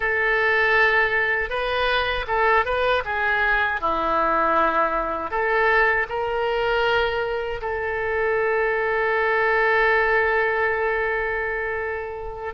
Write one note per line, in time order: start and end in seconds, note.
0.00 1.49 A4
1.49 2.25 B4
2.27 2.65 A4
2.65 3.03 B4
3.04 3.80 G#4
3.80 5.30 E4
5.30 6.06 A4
6.09 7.61 A#4
7.61 12.54 A4